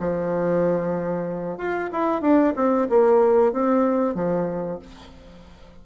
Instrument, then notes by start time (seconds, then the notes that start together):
bassoon
0.00 F3
1.58 F4
1.92 E4
2.21 D4
2.56 C4
2.89 A#3
3.53 C4
4.15 F3